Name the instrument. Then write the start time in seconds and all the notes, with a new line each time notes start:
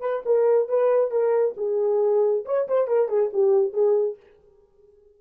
horn
0.00 B4
0.25 A#4
0.68 B4
1.11 A#4
1.57 G#4
2.45 C#5
2.68 C5
2.87 A#4
3.08 G#4
3.33 G4
3.73 G#4